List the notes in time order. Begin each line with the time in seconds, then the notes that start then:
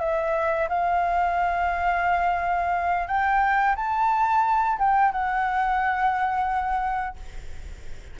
0.00 E5
0.69 F5
3.08 G5
3.76 A5
4.79 G5
5.12 F#5